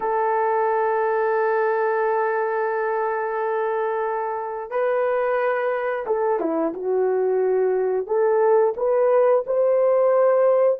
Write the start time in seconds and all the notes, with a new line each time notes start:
0.00 A4
4.70 B4
6.06 A4
6.39 E4
6.73 F#4
8.06 A4
8.76 B4
9.46 C5